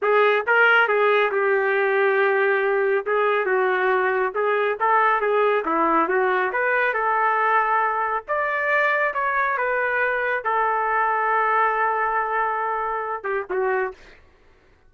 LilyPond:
\new Staff \with { instrumentName = "trumpet" } { \time 4/4 \tempo 4 = 138 gis'4 ais'4 gis'4 g'4~ | g'2. gis'4 | fis'2 gis'4 a'4 | gis'4 e'4 fis'4 b'4 |
a'2. d''4~ | d''4 cis''4 b'2 | a'1~ | a'2~ a'8 g'8 fis'4 | }